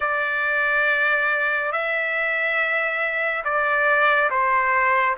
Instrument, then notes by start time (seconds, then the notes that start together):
trumpet
0.00 D5
1.72 E5
3.44 D5
4.30 C5